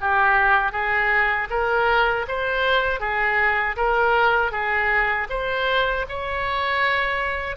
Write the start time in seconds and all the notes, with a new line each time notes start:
0.00 G4
0.72 G#4
1.49 A#4
2.28 C5
3.00 G#4
3.76 A#4
4.51 G#4
5.29 C5
6.09 C#5